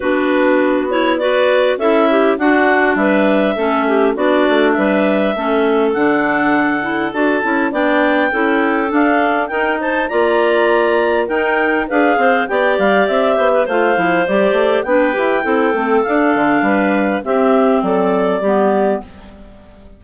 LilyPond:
<<
  \new Staff \with { instrumentName = "clarinet" } { \time 4/4 \tempo 4 = 101 b'4. cis''8 d''4 e''4 | fis''4 e''2 d''4 | e''2 fis''2 | a''4 g''2 f''4 |
g''8 a''8 ais''2 g''4 | f''4 g''8 f''8 e''4 f''4 | d''4 g''2 f''4~ | f''4 e''4 d''2 | }
  \new Staff \with { instrumentName = "clarinet" } { \time 4/4 fis'2 b'4 a'8 g'8 | fis'4 b'4 a'8 g'8 fis'4 | b'4 a'2.~ | a'4 d''4 a'2 |
ais'8 c''8 d''2 ais'4 | b'8 c''8 d''4. c''16 b'16 c''4~ | c''4 b'4 a'2 | b'4 g'4 a'4 g'4 | }
  \new Staff \with { instrumentName = "clarinet" } { \time 4/4 d'4. e'8 fis'4 e'4 | d'2 cis'4 d'4~ | d'4 cis'4 d'4. e'8 | fis'8 e'8 d'4 e'4 d'4 |
dis'4 f'2 dis'4 | gis'4 g'2 f'8 e'8 | g'4 d'8 g'8 e'8 c'8 d'4~ | d'4 c'2 b4 | }
  \new Staff \with { instrumentName = "bassoon" } { \time 4/4 b2. cis'4 | d'4 g4 a4 b8 a8 | g4 a4 d2 | d'8 cis'8 b4 cis'4 d'4 |
dis'4 ais2 dis'4 | d'8 c'8 b8 g8 c'8 b8 a8 f8 | g8 a8 b8 e'8 c'8 a8 d'8 d8 | g4 c'4 fis4 g4 | }
>>